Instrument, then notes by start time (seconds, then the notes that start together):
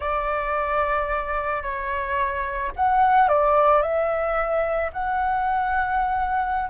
flute
0.00 D5
1.62 C#5
2.75 F#5
3.28 D5
3.82 E5
4.92 F#5